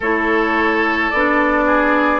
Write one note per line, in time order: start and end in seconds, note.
0.00 1.12 A3
0.00 1.13 E4
0.00 1.64 A4
0.00 1.10 C#5
1.10 2.19 B3
1.10 2.19 D4
1.10 2.19 D5
1.66 2.19 G#4